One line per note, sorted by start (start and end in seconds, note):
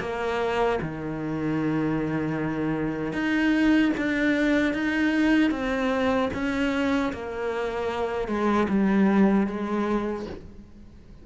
0.00 0.79 A#3
0.81 3.13 D#3
3.13 3.92 D#4
3.97 4.74 D4
4.74 5.51 D#4
5.51 6.30 C4
6.34 7.13 C#4
7.13 8.28 A#3
8.28 8.67 G#3
8.69 9.47 G3
9.47 10.26 G#3